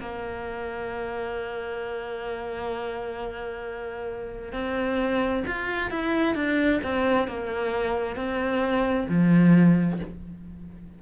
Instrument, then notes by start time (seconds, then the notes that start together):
cello
0.00 A#3
4.52 C4
5.47 F4
5.90 E4
6.35 D4
6.83 C4
7.28 A#3
8.16 C4
9.09 F3